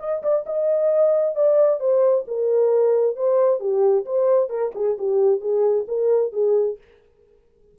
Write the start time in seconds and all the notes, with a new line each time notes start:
0.00 D#5
0.23 D5
0.47 D#5
1.36 D5
1.80 C5
2.28 A#4
3.17 C5
3.60 G4
4.06 C5
4.50 A#4
4.76 G#4
4.99 G4
5.41 G#4
5.89 A#4
6.33 G#4